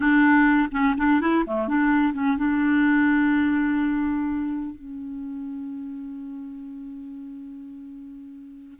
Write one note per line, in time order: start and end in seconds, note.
0.00 0.69 D4
0.71 0.95 C#4
0.97 1.20 D4
1.20 1.44 E4
1.46 1.68 A3
1.68 2.13 D4
2.13 2.37 C#4
2.37 4.75 D4
4.75 8.79 C#4